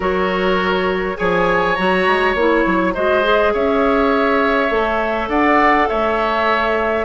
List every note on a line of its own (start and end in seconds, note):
0.00 1.18 F#3
0.00 1.16 F#4
0.00 1.17 A#4
0.00 1.17 C#5
1.16 1.78 F3
1.16 1.75 G#4
1.16 2.94 C#5
1.16 1.75 G#5
1.75 2.07 F#3
1.75 2.36 F#4
1.75 2.33 A#5
2.07 2.34 G#3
2.34 2.64 A#3
2.34 2.94 E4
2.34 2.93 C#5
2.66 2.95 F#3
2.94 3.53 G#3
2.94 3.22 F#4
2.94 3.52 C5
2.94 3.53 D#5
3.22 4.69 G#4
3.53 4.70 C#4
3.53 5.29 C#5
3.53 5.29 E5
4.69 5.28 A3
4.69 7.04 A4
5.28 5.87 D4
5.28 5.88 D5
5.28 5.88 F#5
5.88 7.05 A3
5.88 7.05 C#5
5.88 7.05 E5